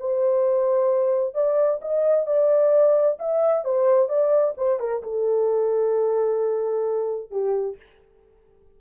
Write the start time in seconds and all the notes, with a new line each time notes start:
0.00 C5
1.34 D5
1.82 D#5
2.27 D5
3.19 E5
3.65 C5
4.09 D5
4.58 C5
4.80 A#4
5.03 A4
7.31 G4